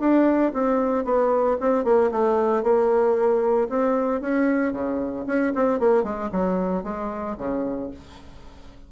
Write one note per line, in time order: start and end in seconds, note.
0.00 0.53 D4
0.54 1.05 C4
1.05 1.57 B3
1.60 1.85 C4
1.85 2.11 A#3
2.11 2.63 A3
2.63 3.68 A#3
3.70 4.21 C4
4.21 4.73 C#4
4.73 5.25 C#3
5.27 5.53 C#4
5.56 5.80 C4
5.80 6.04 A#3
6.04 6.30 G#3
6.32 6.84 F#3
6.84 7.37 G#3
7.38 7.91 C#3